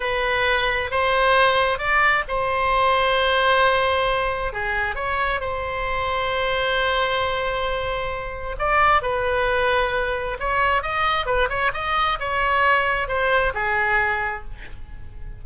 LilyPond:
\new Staff \with { instrumentName = "oboe" } { \time 4/4 \tempo 4 = 133 b'2 c''2 | d''4 c''2.~ | c''2 gis'4 cis''4 | c''1~ |
c''2. d''4 | b'2. cis''4 | dis''4 b'8 cis''8 dis''4 cis''4~ | cis''4 c''4 gis'2 | }